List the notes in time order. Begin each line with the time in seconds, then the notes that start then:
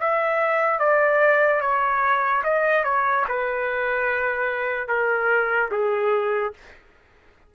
0.00 E5
0.79 D5
1.61 C#5
2.44 D#5
2.84 C#5
3.28 B4
4.88 A#4
5.71 G#4